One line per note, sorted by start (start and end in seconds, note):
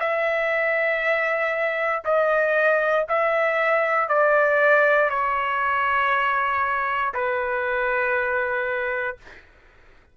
0.00 2.03 E5
2.05 3.06 D#5
3.08 4.09 E5
4.09 5.10 D5
5.10 7.13 C#5
7.14 9.17 B4